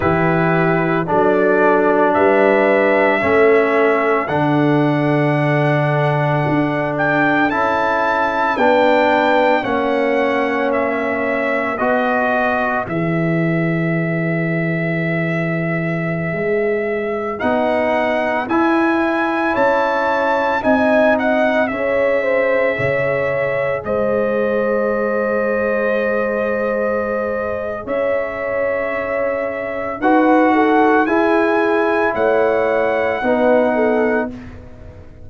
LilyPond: <<
  \new Staff \with { instrumentName = "trumpet" } { \time 4/4 \tempo 4 = 56 b'4 d''4 e''2 | fis''2~ fis''8 g''8 a''4 | g''4 fis''4 e''4 dis''4 | e''1~ |
e''16 fis''4 gis''4 a''4 gis''8 fis''16~ | fis''16 e''2 dis''4.~ dis''16~ | dis''2 e''2 | fis''4 gis''4 fis''2 | }
  \new Staff \with { instrumentName = "horn" } { \time 4/4 g'4 a'4 b'4 a'4~ | a'1 | b'4 cis''2 b'4~ | b'1~ |
b'2~ b'16 cis''4 dis''8.~ | dis''16 cis''8 c''8 cis''4 c''4.~ c''16~ | c''2 cis''2 | b'8 a'8 gis'4 cis''4 b'8 a'8 | }
  \new Staff \with { instrumentName = "trombone" } { \time 4/4 e'4 d'2 cis'4 | d'2. e'4 | d'4 cis'2 fis'4 | gis'1~ |
gis'16 dis'4 e'2 dis'8.~ | dis'16 gis'2.~ gis'8.~ | gis'1 | fis'4 e'2 dis'4 | }
  \new Staff \with { instrumentName = "tuba" } { \time 4/4 e4 fis4 g4 a4 | d2 d'4 cis'4 | b4 ais2 b4 | e2.~ e16 gis8.~ |
gis16 b4 e'4 cis'4 c'8.~ | c'16 cis'4 cis4 gis4.~ gis16~ | gis2 cis'2 | dis'4 e'4 a4 b4 | }
>>